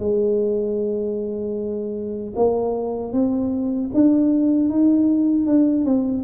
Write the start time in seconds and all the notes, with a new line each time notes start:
0.00 G#3
2.36 A#3
3.13 C4
3.94 D4
4.70 D#4
5.47 D4
5.85 C4